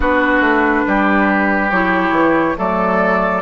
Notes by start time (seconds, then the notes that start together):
0.00 B3 D4 F#4 B4
0.40 A3
0.86 G3 G4
1.71 F#3 E4 C#5
2.10 E3
2.56 F#3 A3 A4 D5